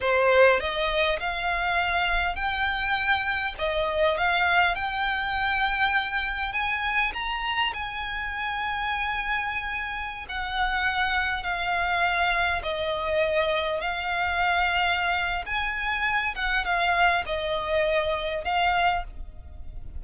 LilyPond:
\new Staff \with { instrumentName = "violin" } { \time 4/4 \tempo 4 = 101 c''4 dis''4 f''2 | g''2 dis''4 f''4 | g''2. gis''4 | ais''4 gis''2.~ |
gis''4~ gis''16 fis''2 f''8.~ | f''4~ f''16 dis''2 f''8.~ | f''2 gis''4. fis''8 | f''4 dis''2 f''4 | }